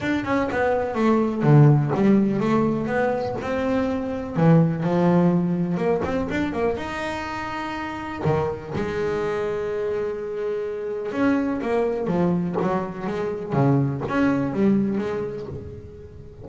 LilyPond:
\new Staff \with { instrumentName = "double bass" } { \time 4/4 \tempo 4 = 124 d'8 cis'8 b4 a4 d4 | g4 a4 b4 c'4~ | c'4 e4 f2 | ais8 c'8 d'8 ais8 dis'2~ |
dis'4 dis4 gis2~ | gis2. cis'4 | ais4 f4 fis4 gis4 | cis4 cis'4 g4 gis4 | }